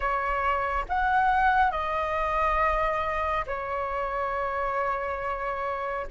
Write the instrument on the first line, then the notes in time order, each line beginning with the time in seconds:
flute
0.00 C#5
0.88 F#5
1.71 D#5
3.46 C#5